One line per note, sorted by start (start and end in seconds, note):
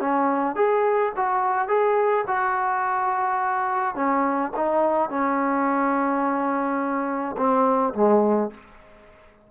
0.00 0.56 C#4
0.56 1.12 G#4
1.17 1.68 F#4
1.68 2.25 G#4
2.27 3.95 F#4
3.95 4.52 C#4
4.57 5.10 D#4
5.10 7.36 C#4
7.37 7.94 C4
7.94 8.51 G#3